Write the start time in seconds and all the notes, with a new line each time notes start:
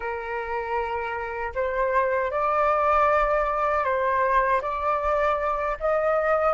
0.00 A#4
1.55 C5
2.31 D5
3.84 C5
4.61 D5
5.79 D#5